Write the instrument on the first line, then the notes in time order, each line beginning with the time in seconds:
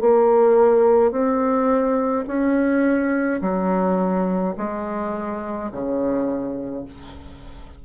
bassoon
0.00 A#3
1.11 C4
2.27 C#4
3.41 F#3
4.57 G#3
5.71 C#3